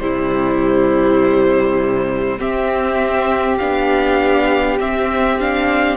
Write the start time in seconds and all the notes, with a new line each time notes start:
0.00 C3 G3 E4 C5
2.39 C4 G4 E5
3.58 B3 D4 F5
4.79 C4 E5
5.40 D4 F5